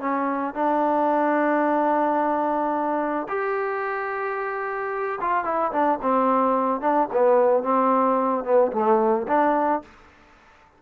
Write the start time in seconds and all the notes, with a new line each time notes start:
0.00 C#4
0.55 D4
3.29 G4
5.21 F4
5.44 E4
5.72 D4
6.02 C4
6.81 D4
7.13 B3
7.63 C4
8.44 B3
8.72 A3
9.28 D4